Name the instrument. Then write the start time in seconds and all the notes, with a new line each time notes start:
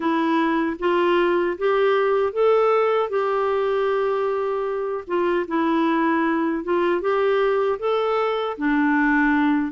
clarinet
0.00 E4
0.79 F4
1.58 G4
2.32 A4
3.09 G4
5.07 F4
5.47 E4
6.64 F4
7.01 G4
7.79 A4
8.57 D4